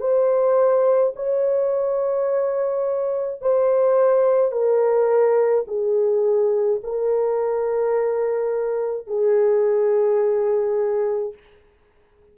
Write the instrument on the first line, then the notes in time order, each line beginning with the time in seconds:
horn
0.00 C5
1.15 C#5
3.41 C5
4.51 A#4
5.67 G#4
6.83 A#4
9.07 G#4